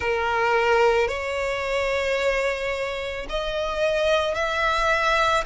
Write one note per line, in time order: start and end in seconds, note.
0.00 1.08 A#4
1.08 3.26 C#5
3.29 4.34 D#5
4.34 5.43 E5